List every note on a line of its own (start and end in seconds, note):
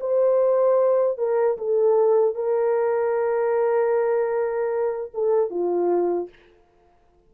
0.00 1.18 C5
1.18 1.57 A#4
1.58 2.35 A4
2.35 5.11 A#4
5.14 5.50 A4
5.50 6.29 F4